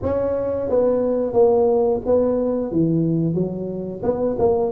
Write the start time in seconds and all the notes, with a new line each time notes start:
0.02 C#4
0.69 B3
1.33 A#3
2.05 B3
2.71 E3
3.34 F#3
4.02 B3
4.38 A#3